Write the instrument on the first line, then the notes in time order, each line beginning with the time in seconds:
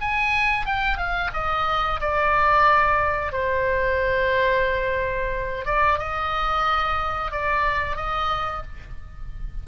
oboe
0.00 G#5
0.65 G5
0.97 F5
1.33 D#5
2.00 D5
3.32 C5
5.65 D5
5.98 D#5
7.31 D5
7.96 D#5